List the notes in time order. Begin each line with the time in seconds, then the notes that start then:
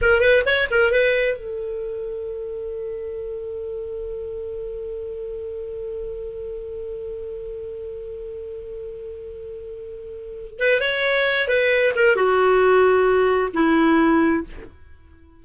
0.01 A#4
0.20 B4
0.45 C#5
0.71 A#4
0.91 B4
1.37 A4
10.59 B4
10.80 C#5
11.47 B4
11.95 A#4
12.16 F#4
13.53 E4